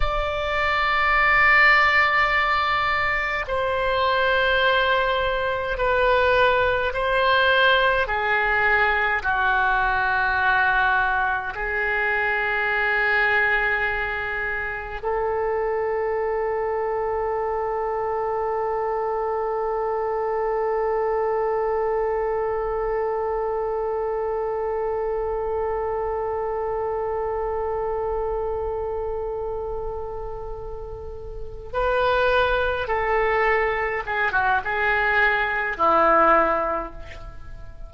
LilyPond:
\new Staff \with { instrumentName = "oboe" } { \time 4/4 \tempo 4 = 52 d''2. c''4~ | c''4 b'4 c''4 gis'4 | fis'2 gis'2~ | gis'4 a'2.~ |
a'1~ | a'1~ | a'2.~ a'8 b'8~ | b'8 a'4 gis'16 fis'16 gis'4 e'4 | }